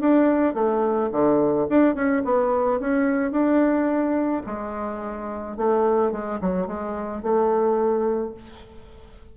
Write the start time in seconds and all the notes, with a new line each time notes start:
0.00 D4
0.54 A3
1.12 D3
1.69 D4
1.95 C#4
2.24 B3
2.80 C#4
3.32 D4
4.46 G#3
5.57 A3
6.12 G#3
6.41 F#3
6.67 G#3
7.22 A3